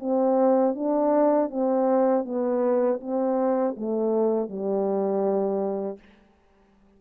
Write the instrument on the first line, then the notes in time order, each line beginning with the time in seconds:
horn
0.00 C4
0.75 D4
1.50 C4
2.25 B3
3.01 C4
3.77 A3
4.49 G3